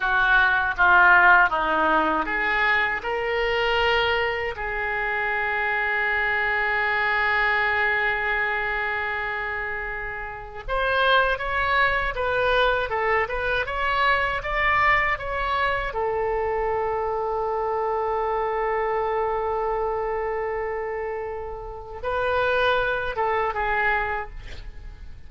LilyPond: \new Staff \with { instrumentName = "oboe" } { \time 4/4 \tempo 4 = 79 fis'4 f'4 dis'4 gis'4 | ais'2 gis'2~ | gis'1~ | gis'2 c''4 cis''4 |
b'4 a'8 b'8 cis''4 d''4 | cis''4 a'2.~ | a'1~ | a'4 b'4. a'8 gis'4 | }